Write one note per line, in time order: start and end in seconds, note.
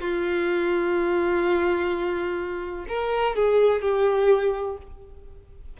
0.00 2.86 F4
2.88 3.35 A#4
3.35 3.82 G#4
3.82 4.77 G4